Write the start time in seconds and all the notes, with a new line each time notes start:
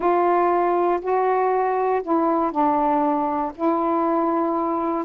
0.00 F4
1.01 F#4
2.02 E4
2.51 D4
3.55 E4